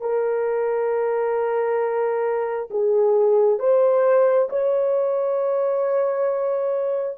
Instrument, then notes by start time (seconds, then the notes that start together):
horn
0.00 A#4
2.70 G#4
3.59 C5
4.49 C#5